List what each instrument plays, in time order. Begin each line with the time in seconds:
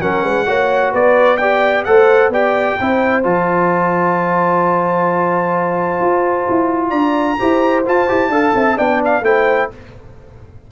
0.00 tuba F#3, trombone C#4, horn A#4, trumpet F#5
0.23 tuba G#3, horn B4
0.46 tuba A#3, trombone F#4, horn C#5
0.92 tuba B3, horn B4, trumpet D5
1.37 trombone G4, horn D5, trumpet G5
1.84 tuba A3, trombone A4, horn C5, trumpet F#5
2.28 tuba B3, trombone G4, horn D5, trumpet G5
2.80 tuba C4, trombone E4, horn C5
3.23 tuba F3, trombone F4, trumpet A5
6.00 tuba F4
6.49 tuba E4
6.89 tuba D4, horn D5, trumpet A#5
7.39 tuba E4, trombone G4, horn C5
7.86 trombone F4, tuba F4, trumpet A5
8.08 tuba E4, trombone G4
8.29 tuba D4, trombone A4, horn F5
8.54 tuba C4, horn E5
8.77 tuba B3, trombone D4, horn D5, trumpet G5
9.04 trumpet F5
9.21 tuba A3, trombone E4, horn C5, trumpet G5